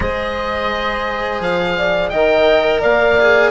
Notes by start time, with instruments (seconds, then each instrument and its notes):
0.00 bassoon G#3, cello G#4, horn C5, oboe D#5
1.40 bassoon F3, oboe F5
1.77 horn D5
2.09 bassoon D#3, cello A#4, horn D#5, oboe G5
2.80 bassoon A#3, horn D5, oboe F5
3.19 cello G#4